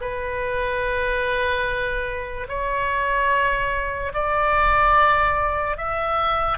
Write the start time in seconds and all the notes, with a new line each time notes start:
0.00 B4
2.48 C#5
4.13 D5
5.77 E5